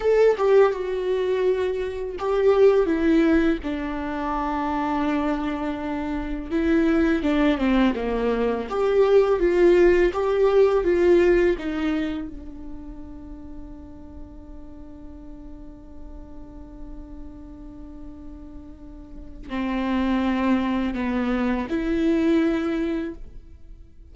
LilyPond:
\new Staff \with { instrumentName = "viola" } { \time 4/4 \tempo 4 = 83 a'8 g'8 fis'2 g'4 | e'4 d'2.~ | d'4 e'4 d'8 c'8 ais4 | g'4 f'4 g'4 f'4 |
dis'4 d'2.~ | d'1~ | d'2. c'4~ | c'4 b4 e'2 | }